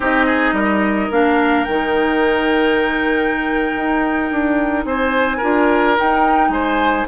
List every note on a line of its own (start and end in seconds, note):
0.00 0.52 C4
0.00 1.11 D#4
0.00 0.26 G4
0.00 1.12 D#5
0.26 0.54 G#4
0.52 1.08 G3
0.52 4.85 A#4
1.10 1.66 A#3
1.10 1.67 D4
1.10 1.64 F5
1.64 3.75 D#3
1.64 5.42 D#4
1.64 4.84 G5
3.75 4.31 D#4
4.31 4.84 D4
4.84 5.40 C4
4.84 5.37 C5
4.84 5.96 G#5
5.37 5.98 D4
5.37 5.96 F4
5.37 6.48 A#4
5.96 7.07 D#4
5.96 6.48 D#4
5.96 6.51 G5
6.48 7.04 G#3
6.48 7.08 C5
6.48 7.06 G#5